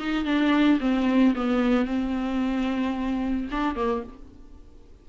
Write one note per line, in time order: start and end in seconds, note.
0.00 0.25 D#4
0.25 0.80 D4
0.81 1.35 C4
1.36 1.85 B3
1.85 3.49 C4
3.52 3.76 D4
3.76 4.04 A#3